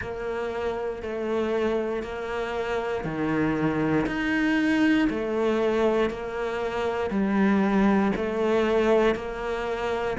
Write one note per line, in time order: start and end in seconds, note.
0.00 1.02 A#3
1.02 2.02 A3
2.02 3.04 A#3
3.04 4.05 D#3
4.06 5.08 D#4
5.09 6.10 A3
6.10 7.10 A#3
7.10 8.12 G3
8.16 9.15 A3
9.15 10.16 A#3